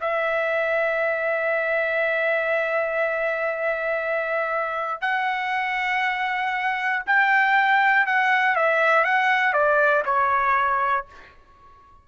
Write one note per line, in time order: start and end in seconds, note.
0.00 5.01 E5
5.01 7.02 F#5
7.06 8.06 G5
8.06 8.55 F#5
8.55 9.04 E5
9.04 9.52 F#5
9.52 10.03 D5
10.05 11.06 C#5